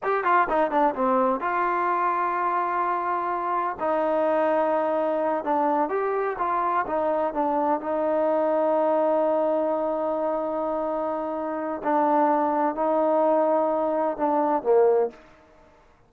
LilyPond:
\new Staff \with { instrumentName = "trombone" } { \time 4/4 \tempo 4 = 127 g'8 f'8 dis'8 d'8 c'4 f'4~ | f'1 | dis'2.~ dis'8 d'8~ | d'8 g'4 f'4 dis'4 d'8~ |
d'8 dis'2.~ dis'8~ | dis'1~ | dis'4 d'2 dis'4~ | dis'2 d'4 ais4 | }